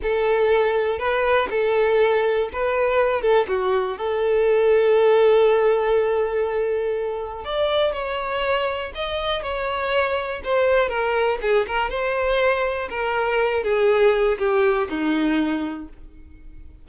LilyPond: \new Staff \with { instrumentName = "violin" } { \time 4/4 \tempo 4 = 121 a'2 b'4 a'4~ | a'4 b'4. a'8 fis'4 | a'1~ | a'2. d''4 |
cis''2 dis''4 cis''4~ | cis''4 c''4 ais'4 gis'8 ais'8 | c''2 ais'4. gis'8~ | gis'4 g'4 dis'2 | }